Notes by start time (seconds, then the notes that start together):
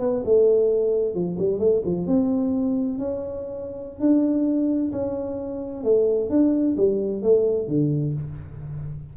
0.00 B3
0.25 A3
1.14 F3
1.39 G3
1.59 A3
1.85 F3
2.07 C4
2.99 C#4
4.00 D4
4.92 C#4
5.84 A3
6.30 D4
6.77 G3
7.22 A3
7.68 D3